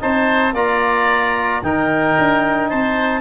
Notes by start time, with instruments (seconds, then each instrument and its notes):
0.00 tuba C4, trombone D#4, oboe C5, clarinet A5
0.53 tuba A#3, trombone F4, oboe D5, clarinet A#5
1.62 tuba D#3, trombone D#4, oboe A#4, clarinet G5
2.19 tuba D4
2.69 tuba C4, oboe C5, clarinet A5